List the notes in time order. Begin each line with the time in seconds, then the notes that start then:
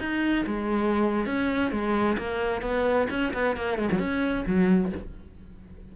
0.00 D#4
0.47 G#3
1.27 C#4
1.72 G#3
2.18 A#3
2.62 B3
3.11 C#4
3.34 B3
3.57 A#3
3.79 G#3
3.92 F#3
3.99 C#4
4.47 F#3